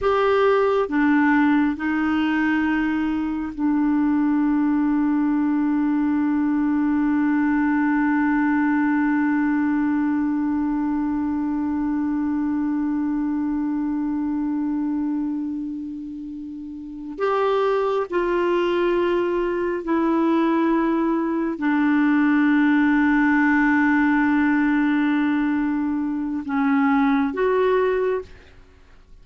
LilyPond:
\new Staff \with { instrumentName = "clarinet" } { \time 4/4 \tempo 4 = 68 g'4 d'4 dis'2 | d'1~ | d'1~ | d'1~ |
d'2.~ d'8 g'8~ | g'8 f'2 e'4.~ | e'8 d'2.~ d'8~ | d'2 cis'4 fis'4 | }